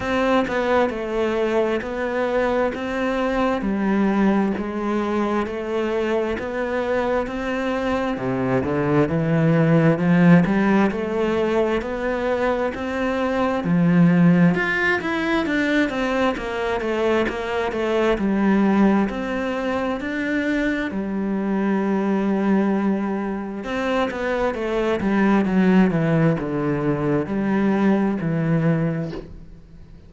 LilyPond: \new Staff \with { instrumentName = "cello" } { \time 4/4 \tempo 4 = 66 c'8 b8 a4 b4 c'4 | g4 gis4 a4 b4 | c'4 c8 d8 e4 f8 g8 | a4 b4 c'4 f4 |
f'8 e'8 d'8 c'8 ais8 a8 ais8 a8 | g4 c'4 d'4 g4~ | g2 c'8 b8 a8 g8 | fis8 e8 d4 g4 e4 | }